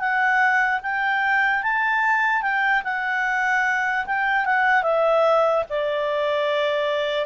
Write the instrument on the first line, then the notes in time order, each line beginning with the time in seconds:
clarinet
0.00 F#5
0.83 G5
1.63 A5
2.43 G5
2.85 F#5
4.07 G5
4.46 F#5
4.83 E5
5.70 D5